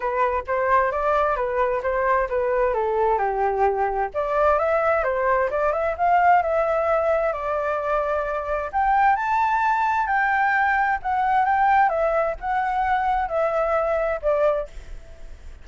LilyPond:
\new Staff \with { instrumentName = "flute" } { \time 4/4 \tempo 4 = 131 b'4 c''4 d''4 b'4 | c''4 b'4 a'4 g'4~ | g'4 d''4 e''4 c''4 | d''8 e''8 f''4 e''2 |
d''2. g''4 | a''2 g''2 | fis''4 g''4 e''4 fis''4~ | fis''4 e''2 d''4 | }